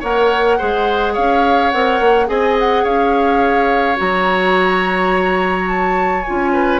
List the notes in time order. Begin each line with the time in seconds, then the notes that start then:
0.00 A#3 A#4 C#5 F#5
0.58 G#3 G#4 C5
1.13 C#4 C#5 F5
1.70 C4 A#4 F#5
2.00 A#3
2.26 C4 G#4 D#5 G#5
2.59 F#5
2.84 C#4 C#5 F5
3.96 F#3 F#4 A#5
5.68 A5
6.22 F4 G#5
6.29 C#4
6.53 B4